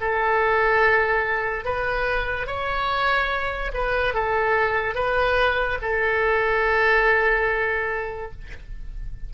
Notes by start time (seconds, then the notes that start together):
0.00 A4
1.64 B4
2.46 C#5
3.73 B4
4.14 A4
4.95 B4
5.81 A4